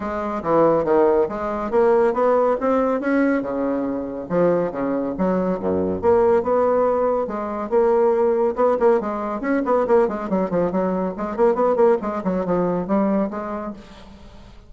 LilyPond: \new Staff \with { instrumentName = "bassoon" } { \time 4/4 \tempo 4 = 140 gis4 e4 dis4 gis4 | ais4 b4 c'4 cis'4 | cis2 f4 cis4 | fis4 fis,4 ais4 b4~ |
b4 gis4 ais2 | b8 ais8 gis4 cis'8 b8 ais8 gis8 | fis8 f8 fis4 gis8 ais8 b8 ais8 | gis8 fis8 f4 g4 gis4 | }